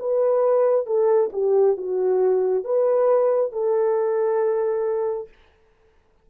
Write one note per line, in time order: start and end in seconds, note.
0.00 0.87 B4
0.87 1.31 A4
1.33 1.77 G4
1.77 2.65 F#4
2.65 3.53 B4
3.53 5.29 A4